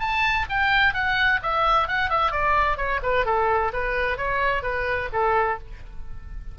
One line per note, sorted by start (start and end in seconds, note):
0.00 0.46 A5
0.50 0.94 G5
0.94 1.40 F#5
1.43 1.88 E5
1.88 2.10 F#5
2.10 2.32 E5
2.32 2.77 D5
2.77 3.00 C#5
3.03 3.26 B4
3.26 3.72 A4
3.73 4.18 B4
4.18 4.63 C#5
4.63 5.09 B4
5.13 5.59 A4